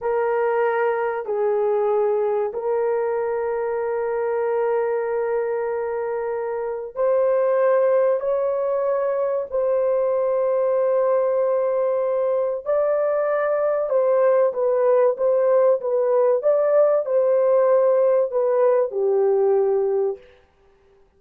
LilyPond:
\new Staff \with { instrumentName = "horn" } { \time 4/4 \tempo 4 = 95 ais'2 gis'2 | ais'1~ | ais'2. c''4~ | c''4 cis''2 c''4~ |
c''1 | d''2 c''4 b'4 | c''4 b'4 d''4 c''4~ | c''4 b'4 g'2 | }